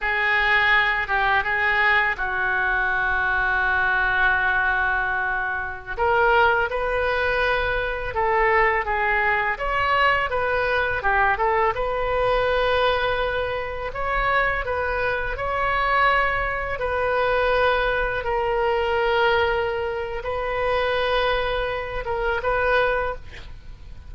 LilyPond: \new Staff \with { instrumentName = "oboe" } { \time 4/4 \tempo 4 = 83 gis'4. g'8 gis'4 fis'4~ | fis'1~ | fis'16 ais'4 b'2 a'8.~ | a'16 gis'4 cis''4 b'4 g'8 a'16~ |
a'16 b'2. cis''8.~ | cis''16 b'4 cis''2 b'8.~ | b'4~ b'16 ais'2~ ais'8. | b'2~ b'8 ais'8 b'4 | }